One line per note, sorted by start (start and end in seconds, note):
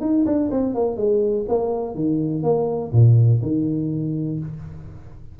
0.00 0.24 D#4
0.25 0.50 D4
0.50 0.74 C4
0.74 0.96 A#3
0.96 1.45 G#3
1.48 1.94 A#3
1.94 2.43 D#3
2.43 2.91 A#3
2.92 3.40 A#2
3.41 4.39 D#3